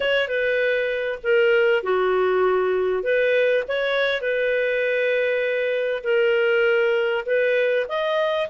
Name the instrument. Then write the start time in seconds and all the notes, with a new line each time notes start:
clarinet
0.00 C#5
0.28 B4
1.23 A#4
1.83 F#4
3.03 B4
3.67 C#5
4.21 B4
6.03 A#4
7.25 B4
7.88 D#5